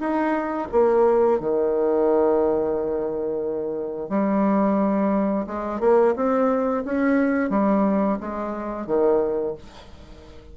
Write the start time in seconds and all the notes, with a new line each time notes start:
0.00 D#4
0.72 A#3
1.40 D#3
4.10 G3
5.47 G#3
5.80 A#3
6.16 C4
6.85 C#4
7.50 G3
8.20 G#3
8.87 D#3